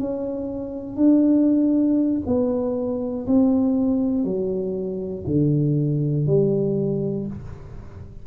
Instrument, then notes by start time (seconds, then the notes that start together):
tuba
0.00 C#4
0.96 D4
2.26 B3
3.27 C4
4.25 F#3
5.27 D3
6.27 G3